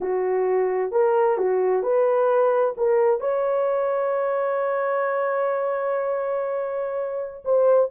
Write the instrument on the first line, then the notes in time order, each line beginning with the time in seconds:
horn
0.00 F#4
0.91 A#4
1.37 F#4
1.83 B4
2.77 A#4
3.20 C#5
7.44 C5